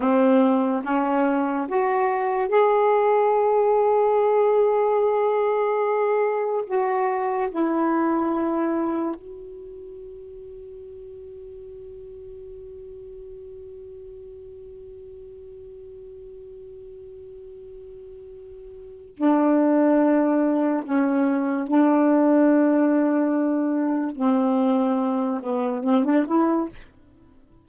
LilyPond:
\new Staff \with { instrumentName = "saxophone" } { \time 4/4 \tempo 4 = 72 c'4 cis'4 fis'4 gis'4~ | gis'1 | fis'4 e'2 fis'4~ | fis'1~ |
fis'1~ | fis'2. d'4~ | d'4 cis'4 d'2~ | d'4 c'4. b8 c'16 d'16 e'8 | }